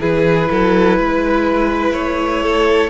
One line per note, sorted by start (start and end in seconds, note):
0.00 0.49 E3
0.00 2.90 E4
0.00 0.48 G#4
0.00 1.93 B4
0.50 0.98 F#3
0.50 0.98 A4
0.98 1.94 G#3
0.98 2.43 B4
1.93 2.90 A3
1.93 2.90 C#5
2.43 2.90 A4